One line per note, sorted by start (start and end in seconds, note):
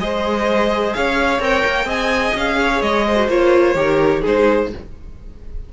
0.00 0.94 G#3
0.00 1.41 G#4
0.00 0.97 C5
0.00 0.94 D#5
0.94 1.40 C#4
0.94 1.87 C#5
0.94 1.41 F5
1.40 1.63 C4
1.40 1.86 A#4
1.40 1.90 G5
1.66 1.86 A#3
1.86 2.32 C4
1.86 3.15 G#4
1.86 2.57 D#5
1.86 2.37 G#5
2.35 2.82 C#4
2.35 2.82 F5
2.60 3.07 C#5
2.82 3.28 G#3
2.82 3.29 D#5
3.07 3.77 C5
3.17 3.28 F#4
3.28 3.75 A#3
3.28 3.76 F4
3.28 4.24 C#5
3.75 4.22 D#3
3.75 4.23 G4
3.75 4.22 A#4
4.22 4.74 G#3
4.22 4.71 D#4
4.22 4.68 G#4
4.22 4.73 C5